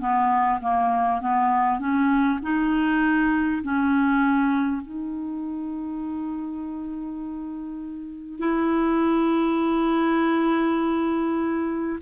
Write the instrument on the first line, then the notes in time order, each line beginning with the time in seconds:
clarinet
0.00 B3
0.61 A#3
1.22 B3
1.79 C#4
2.43 D#4
3.63 C#4
4.82 D#4
8.39 E4